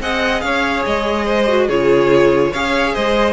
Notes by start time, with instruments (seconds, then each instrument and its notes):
0.00 cello C4, viola G#4, violin D#5 F#5
0.40 cello C#4, violin C#5 F5
0.85 cello G#3, violin D#5
1.25 violin C5
1.48 viola F#4
1.67 cello C#3, viola F4, violin G#4 C#5
2.51 cello C#4, viola G#4, violin C#5 F5
2.94 cello G#3, violin C5 D#5